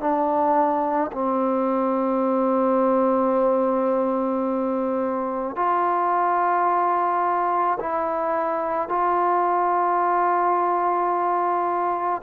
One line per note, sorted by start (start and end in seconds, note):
0.00 1.11 D4
1.12 5.56 C4
5.56 7.78 F4
7.79 8.88 E4
8.88 12.22 F4